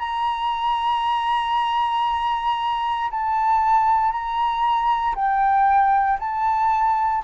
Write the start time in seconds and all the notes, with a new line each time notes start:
0.00 A#5
3.11 A5
4.12 A#5
5.16 G5
6.20 A5